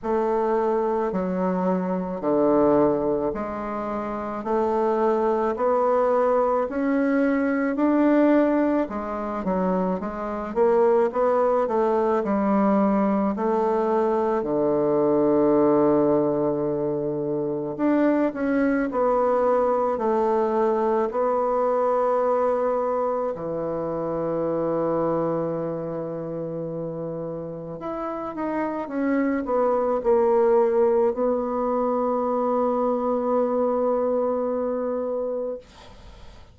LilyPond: \new Staff \with { instrumentName = "bassoon" } { \time 4/4 \tempo 4 = 54 a4 fis4 d4 gis4 | a4 b4 cis'4 d'4 | gis8 fis8 gis8 ais8 b8 a8 g4 | a4 d2. |
d'8 cis'8 b4 a4 b4~ | b4 e2.~ | e4 e'8 dis'8 cis'8 b8 ais4 | b1 | }